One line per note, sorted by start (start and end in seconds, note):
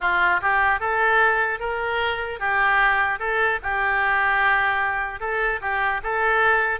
0.00 0.40 F4
0.41 0.79 G4
0.79 1.59 A4
1.59 2.39 A#4
2.39 3.19 G4
3.19 3.59 A4
3.62 5.20 G4
5.20 5.60 A4
5.61 6.01 G4
6.03 6.80 A4